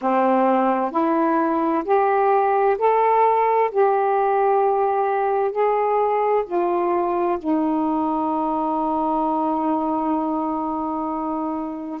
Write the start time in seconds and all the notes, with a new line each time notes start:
0.01 C4
0.91 E4
1.85 G4
2.78 A4
3.71 G4
5.51 G#4
6.46 F4
7.38 D#4